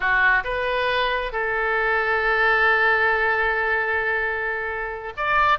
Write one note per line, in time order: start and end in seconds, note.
0.00 0.43 F#4
0.44 1.32 B4
1.32 5.13 A4
5.16 5.58 D5